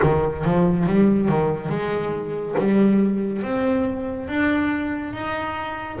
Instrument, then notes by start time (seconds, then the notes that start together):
double bass
0.02 D#3
0.44 F3
0.86 G3
1.28 D#3
1.69 G#3
2.58 G3
3.42 C4
4.28 D4
5.13 D#4